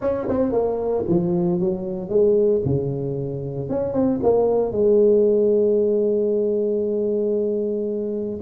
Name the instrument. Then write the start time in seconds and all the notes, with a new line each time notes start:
tuba
0.01 C#4
0.28 C4
0.52 A#3
1.08 F3
1.60 F#3
2.09 G#3
2.64 C#3
3.69 C#4
3.93 C4
4.22 A#3
4.71 G#3